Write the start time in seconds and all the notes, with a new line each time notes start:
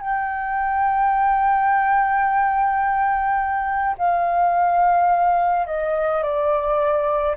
0.00 G5
3.98 F5
5.66 D#5
6.23 D5